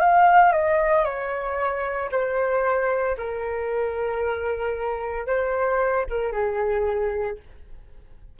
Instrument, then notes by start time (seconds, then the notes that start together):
flute
0.00 F5
0.52 D#5
1.04 C#5
2.11 C5
3.17 A#4
5.26 C5
6.09 A#4
6.32 G#4